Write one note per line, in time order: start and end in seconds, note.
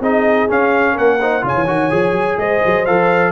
0.00 0.48 C4
0.00 0.48 D#4
0.00 0.93 G#4
0.00 0.50 D#5
0.48 1.19 C#4
0.48 0.98 C#4
0.48 0.98 F5
0.93 1.43 A#3
0.93 1.17 A#4
0.93 1.45 F#5
1.20 1.42 D#4
1.20 1.44 C5
1.42 1.55 C#3
1.42 1.66 F4
1.42 2.39 C#5
1.48 2.39 G#5
1.55 1.67 E3
1.67 1.91 D#3
1.67 1.91 F#4
1.91 2.12 F3
1.91 2.85 G#4
2.12 2.36 F#3
2.38 2.61 G#3
2.38 3.32 C5
2.38 2.86 D#5
2.66 2.88 F#3
2.86 3.32 F3
2.86 3.32 A4
2.86 3.32 F5